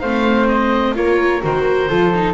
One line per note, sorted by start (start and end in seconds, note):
0.00 0.95 A3
0.00 0.94 C4
0.00 0.94 C5
0.00 0.47 F5
0.48 0.95 D#5
0.94 1.42 A#3
0.94 1.41 F4
0.94 1.88 A#4
0.94 1.43 C#5
1.41 1.90 D#3
1.41 1.88 F#4
1.41 2.34 C5
1.88 2.34 F3
1.88 2.13 F4
1.88 2.34 A4
2.14 2.34 D#4